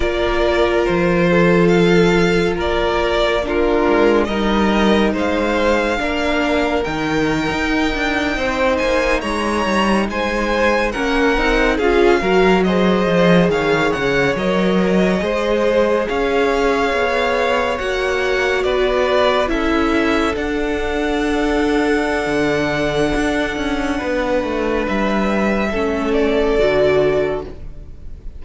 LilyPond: <<
  \new Staff \with { instrumentName = "violin" } { \time 4/4 \tempo 4 = 70 d''4 c''4 f''4 d''4 | ais'4 dis''4 f''2 | g''2~ g''16 gis''8 ais''4 gis''16~ | gis''8. fis''4 f''4 dis''4 f''16~ |
f''16 fis''8 dis''2 f''4~ f''16~ | f''8. fis''4 d''4 e''4 fis''16~ | fis''1~ | fis''4 e''4. d''4. | }
  \new Staff \with { instrumentName = "violin" } { \time 4/4 ais'4. a'4. ais'4 | f'4 ais'4 c''4 ais'4~ | ais'4.~ ais'16 c''4 cis''4 c''16~ | c''8. ais'4 gis'8 ais'8 c''4 cis''16~ |
cis''4.~ cis''16 c''4 cis''4~ cis''16~ | cis''4.~ cis''16 b'4 a'4~ a'16~ | a'1 | b'2 a'2 | }
  \new Staff \with { instrumentName = "viola" } { \time 4/4 f'1 | d'4 dis'2 d'4 | dis'1~ | dis'8. cis'8 dis'8 f'8 fis'8 gis'4~ gis'16~ |
gis'8. ais'4 gis'2~ gis'16~ | gis'8. fis'2 e'4 d'16~ | d'1~ | d'2 cis'4 fis'4 | }
  \new Staff \with { instrumentName = "cello" } { \time 4/4 ais4 f2 ais4~ | ais8 gis8 g4 gis4 ais4 | dis8. dis'8 d'8 c'8 ais8 gis8 g8 gis16~ | gis8. ais8 c'8 cis'8 fis4 f8 dis16~ |
dis16 cis8 fis4 gis4 cis'4 b16~ | b8. ais4 b4 cis'4 d'16~ | d'2 d4 d'8 cis'8 | b8 a8 g4 a4 d4 | }
>>